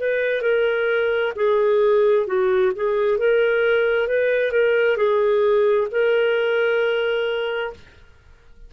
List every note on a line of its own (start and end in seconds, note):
0.00 0.42 B4
0.42 1.33 A#4
1.36 2.27 G#4
2.27 2.72 F#4
2.76 3.18 G#4
3.18 4.08 A#4
4.08 4.52 B4
4.52 4.97 A#4
4.97 5.88 G#4
5.92 7.74 A#4